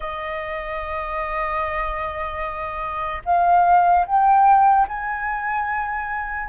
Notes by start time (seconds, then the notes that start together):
0.00 D#5
3.25 F5
4.06 G5
4.88 G#5